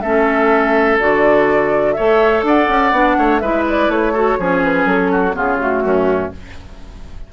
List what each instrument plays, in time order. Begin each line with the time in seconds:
0.00 bassoon A3, clarinet C#4, oboe A4, flute E5
0.99 bassoon D3, clarinet F#4, flute D5
1.92 bassoon A3, clarinet A4, oboe C#5, flute E5
2.42 bassoon D4, oboe D5, flute F#5
2.68 bassoon C#4
2.91 bassoon B3, clarinet D4
3.17 bassoon A3, oboe C#5
3.39 bassoon G#3, clarinet E4, oboe B4, flute E5
3.69 flute D5
3.88 bassoon A3, flute C#5
4.12 clarinet F#4, oboe A4
4.38 bassoon F3, clarinet C#4, oboe G#4
4.63 flute B4
4.85 bassoon F#3, flute A4
5.11 oboe F#4
5.32 bassoon C#3, clarinet B3, oboe F4, flute G#4
5.59 clarinet A3, flute F#4
5.83 bassoon F#2, oboe C#4